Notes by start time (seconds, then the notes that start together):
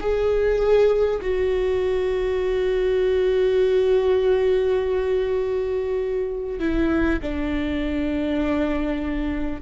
0.00 G#4
1.21 F#4
6.59 E4
7.21 D4